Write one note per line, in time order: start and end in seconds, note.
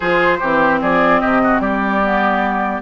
0.00 0.41 F3
0.00 0.42 F4
0.00 0.38 G#4
0.00 0.80 C5
0.39 0.82 E3
0.39 2.03 C4
0.39 0.80 G4
0.81 1.22 F3
0.81 1.20 G#4
0.81 1.20 D5
1.20 1.59 C3
1.20 1.41 G4
1.20 1.60 D#5
1.43 1.61 F#4
1.59 2.80 G3
1.59 2.81 G4
1.59 2.81 D5
2.03 2.82 B3